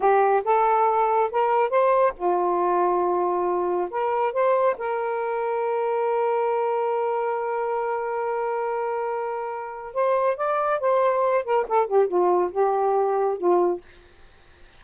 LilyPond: \new Staff \with { instrumentName = "saxophone" } { \time 4/4 \tempo 4 = 139 g'4 a'2 ais'4 | c''4 f'2.~ | f'4 ais'4 c''4 ais'4~ | ais'1~ |
ais'1~ | ais'2. c''4 | d''4 c''4. ais'8 a'8 g'8 | f'4 g'2 f'4 | }